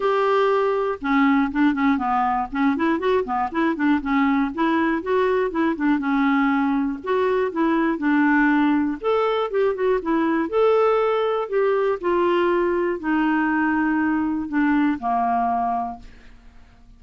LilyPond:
\new Staff \with { instrumentName = "clarinet" } { \time 4/4 \tempo 4 = 120 g'2 cis'4 d'8 cis'8 | b4 cis'8 e'8 fis'8 b8 e'8 d'8 | cis'4 e'4 fis'4 e'8 d'8 | cis'2 fis'4 e'4 |
d'2 a'4 g'8 fis'8 | e'4 a'2 g'4 | f'2 dis'2~ | dis'4 d'4 ais2 | }